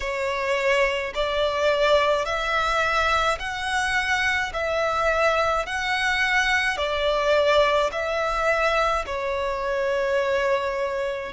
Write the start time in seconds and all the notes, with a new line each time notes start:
0.00 C#5
1.14 D5
2.25 E5
3.39 F#5
4.53 E5
5.66 F#5
6.77 D5
7.92 E5
9.06 C#5